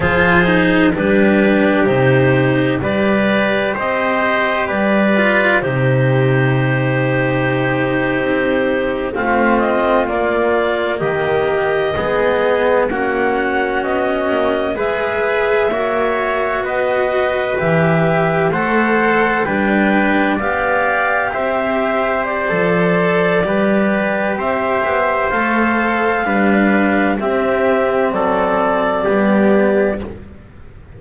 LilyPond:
<<
  \new Staff \with { instrumentName = "clarinet" } { \time 4/4 \tempo 4 = 64 c''4 b'4 c''4 d''4 | dis''4 d''4 c''2~ | c''4.~ c''16 f''8 dis''8 d''4 dis''16~ | dis''4.~ dis''16 fis''4 dis''4 e''16~ |
e''4.~ e''16 dis''4 e''4 fis''16~ | fis''8. g''4 f''4 e''4 d''16~ | d''2 e''4 f''4~ | f''4 e''4 d''2 | }
  \new Staff \with { instrumentName = "trumpet" } { \time 4/4 gis'4 g'2 b'4 | c''4 b'4 g'2~ | g'4.~ g'16 f'2 g'16~ | g'8. gis'4 fis'2 b'16~ |
b'8. cis''4 b'2 c''16~ | c''8. b'4 d''4 c''4~ c''16~ | c''4 b'4 c''2 | b'4 g'4 a'4 g'4 | }
  \new Staff \with { instrumentName = "cello" } { \time 4/4 f'8 dis'8 d'4 dis'4 g'4~ | g'4. f'8 dis'2~ | dis'4.~ dis'16 c'4 ais4~ ais16~ | ais8. b4 cis'2 gis'16~ |
gis'8. fis'2 g'4 a'16~ | a'8. d'4 g'2~ g'16 | a'4 g'2 a'4 | d'4 c'2 b4 | }
  \new Staff \with { instrumentName = "double bass" } { \time 4/4 f4 g4 c4 g4 | c'4 g4 c2~ | c8. c'4 a4 ais4 dis16~ | dis8. gis4 ais4 b8 ais8 gis16~ |
gis8. ais4 b4 e4 a16~ | a8. g4 b4 c'4~ c'16 | f4 g4 c'8 b8 a4 | g4 c'4 fis4 g4 | }
>>